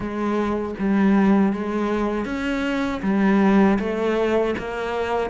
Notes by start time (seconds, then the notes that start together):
0.00 G#3
0.78 G3
1.52 G#3
2.25 C#4
3.02 G3
3.79 A3
4.58 A#3